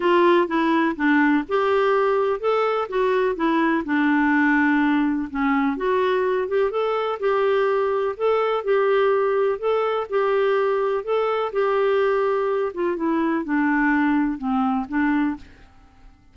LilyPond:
\new Staff \with { instrumentName = "clarinet" } { \time 4/4 \tempo 4 = 125 f'4 e'4 d'4 g'4~ | g'4 a'4 fis'4 e'4 | d'2. cis'4 | fis'4. g'8 a'4 g'4~ |
g'4 a'4 g'2 | a'4 g'2 a'4 | g'2~ g'8 f'8 e'4 | d'2 c'4 d'4 | }